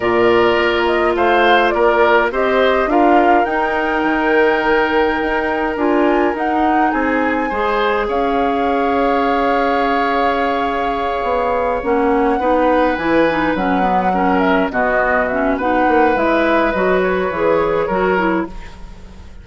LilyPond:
<<
  \new Staff \with { instrumentName = "flute" } { \time 4/4 \tempo 4 = 104 d''4. dis''8 f''4 d''4 | dis''4 f''4 g''2~ | g''2 gis''4 fis''4 | gis''2 f''2~ |
f''1~ | f''8 fis''2 gis''4 fis''8~ | fis''4 e''8 dis''4 e''8 fis''4 | e''4 dis''8 cis''2~ cis''8 | }
  \new Staff \with { instrumentName = "oboe" } { \time 4/4 ais'2 c''4 ais'4 | c''4 ais'2.~ | ais'1 | gis'4 c''4 cis''2~ |
cis''1~ | cis''4. b'2~ b'8~ | b'8 ais'4 fis'4. b'4~ | b'2. ais'4 | }
  \new Staff \with { instrumentName = "clarinet" } { \time 4/4 f'1 | g'4 f'4 dis'2~ | dis'2 f'4 dis'4~ | dis'4 gis'2.~ |
gis'1~ | gis'8 cis'4 dis'4 e'8 dis'8 cis'8 | b8 cis'4 b4 cis'8 dis'4 | e'4 fis'4 gis'4 fis'8 e'8 | }
  \new Staff \with { instrumentName = "bassoon" } { \time 4/4 ais,4 ais4 a4 ais4 | c'4 d'4 dis'4 dis4~ | dis4 dis'4 d'4 dis'4 | c'4 gis4 cis'2~ |
cis'2.~ cis'8 b8~ | b8 ais4 b4 e4 fis8~ | fis4. b,2 ais8 | gis4 fis4 e4 fis4 | }
>>